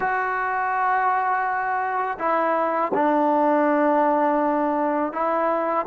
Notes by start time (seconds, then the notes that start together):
0.00 F#4
2.19 E4
2.93 D4
5.12 E4